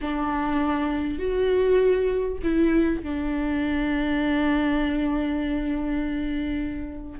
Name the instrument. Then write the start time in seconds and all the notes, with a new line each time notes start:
viola
0.01 D4
1.18 F#4
2.43 E4
3.02 D4